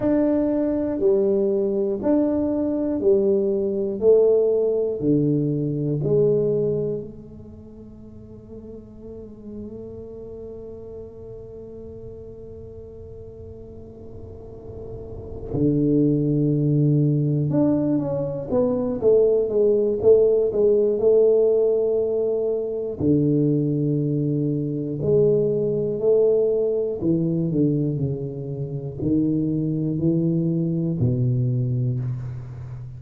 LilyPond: \new Staff \with { instrumentName = "tuba" } { \time 4/4 \tempo 4 = 60 d'4 g4 d'4 g4 | a4 d4 gis4 a4~ | a1~ | a2.~ a8 d8~ |
d4. d'8 cis'8 b8 a8 gis8 | a8 gis8 a2 d4~ | d4 gis4 a4 e8 d8 | cis4 dis4 e4 b,4 | }